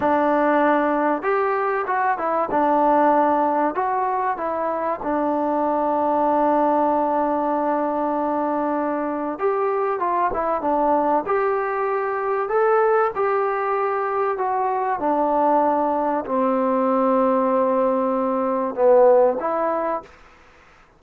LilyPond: \new Staff \with { instrumentName = "trombone" } { \time 4/4 \tempo 4 = 96 d'2 g'4 fis'8 e'8 | d'2 fis'4 e'4 | d'1~ | d'2. g'4 |
f'8 e'8 d'4 g'2 | a'4 g'2 fis'4 | d'2 c'2~ | c'2 b4 e'4 | }